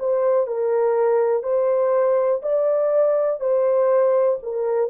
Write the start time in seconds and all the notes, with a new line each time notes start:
0.00 C5
0.47 A#4
1.44 C5
2.43 D5
3.41 C5
4.43 A#4